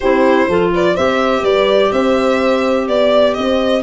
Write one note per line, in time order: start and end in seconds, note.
0.00 0.48 C4
0.00 0.49 E4
0.00 0.48 G4
0.00 0.70 C5
0.48 0.96 F3
0.48 0.96 F4
0.48 0.72 A4
0.74 0.94 B4
0.74 0.96 D5
0.94 1.43 C4
0.94 3.82 G4
0.94 1.42 C5
0.94 1.44 E5
1.42 1.91 G3
1.42 1.90 B4
1.42 1.91 D5
1.91 2.88 C4
1.91 2.87 C5
1.91 2.87 E5
2.88 3.36 B3
2.88 3.33 D5
2.88 3.36 D5
3.33 3.82 C4
3.33 3.82 C5
3.33 3.81 D#5